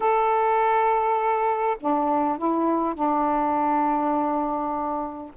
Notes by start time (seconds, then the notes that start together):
0.00 A4
1.80 D4
2.38 E4
2.94 D4